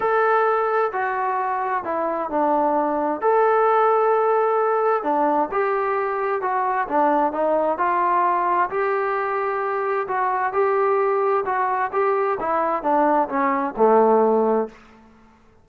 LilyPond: \new Staff \with { instrumentName = "trombone" } { \time 4/4 \tempo 4 = 131 a'2 fis'2 | e'4 d'2 a'4~ | a'2. d'4 | g'2 fis'4 d'4 |
dis'4 f'2 g'4~ | g'2 fis'4 g'4~ | g'4 fis'4 g'4 e'4 | d'4 cis'4 a2 | }